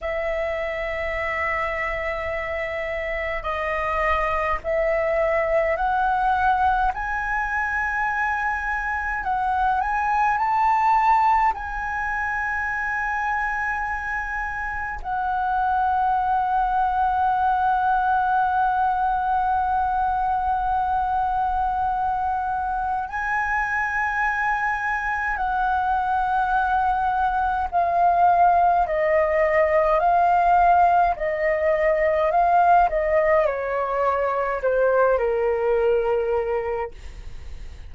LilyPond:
\new Staff \with { instrumentName = "flute" } { \time 4/4 \tempo 4 = 52 e''2. dis''4 | e''4 fis''4 gis''2 | fis''8 gis''8 a''4 gis''2~ | gis''4 fis''2.~ |
fis''1 | gis''2 fis''2 | f''4 dis''4 f''4 dis''4 | f''8 dis''8 cis''4 c''8 ais'4. | }